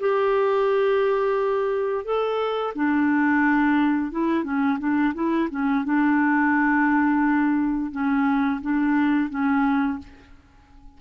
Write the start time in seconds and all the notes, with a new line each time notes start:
0.00 G4
2.05 A4
2.75 D4
4.11 E4
4.44 C#4
4.79 D4
5.14 E4
5.50 C#4
5.85 D4
7.92 C#4
8.62 D4
9.30 C#4